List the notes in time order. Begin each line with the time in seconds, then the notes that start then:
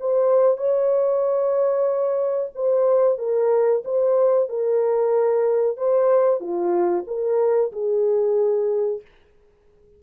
0.00 C5
0.58 C#5
2.55 C5
3.18 A#4
3.85 C5
4.49 A#4
5.77 C5
6.40 F4
7.07 A#4
7.72 G#4